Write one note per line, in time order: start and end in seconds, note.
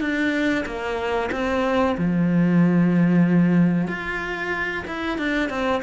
0.00 0.65 D4
0.65 1.30 A#3
1.31 1.96 C4
1.97 3.87 F3
3.87 4.84 F4
4.87 5.18 E4
5.18 5.49 D4
5.49 5.82 C4